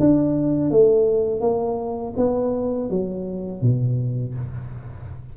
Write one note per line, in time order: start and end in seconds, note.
0.00 0.71 D4
0.71 1.41 A3
1.41 2.14 A#3
2.17 2.90 B3
2.90 3.62 F#3
3.62 4.35 B2